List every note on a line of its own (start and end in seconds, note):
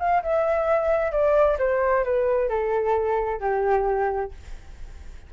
0.00 0.23 F5
0.23 1.12 E5
1.12 1.58 D5
1.59 2.05 C5
2.05 2.50 B4
2.50 3.40 A4
3.41 4.32 G4